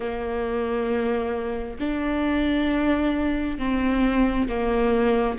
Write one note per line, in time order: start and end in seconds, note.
0.00 1.77 A#3
1.79 3.58 D4
3.58 4.48 C4
4.48 5.37 A#3